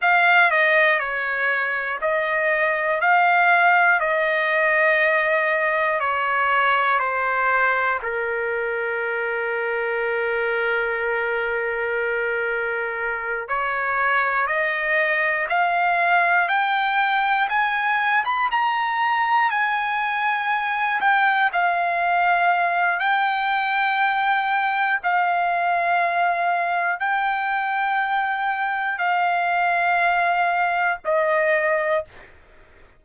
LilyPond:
\new Staff \with { instrumentName = "trumpet" } { \time 4/4 \tempo 4 = 60 f''8 dis''8 cis''4 dis''4 f''4 | dis''2 cis''4 c''4 | ais'1~ | ais'4. cis''4 dis''4 f''8~ |
f''8 g''4 gis''8. b''16 ais''4 gis''8~ | gis''4 g''8 f''4. g''4~ | g''4 f''2 g''4~ | g''4 f''2 dis''4 | }